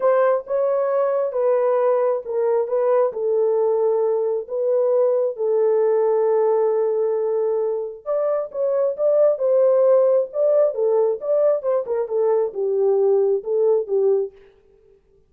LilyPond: \new Staff \with { instrumentName = "horn" } { \time 4/4 \tempo 4 = 134 c''4 cis''2 b'4~ | b'4 ais'4 b'4 a'4~ | a'2 b'2 | a'1~ |
a'2 d''4 cis''4 | d''4 c''2 d''4 | a'4 d''4 c''8 ais'8 a'4 | g'2 a'4 g'4 | }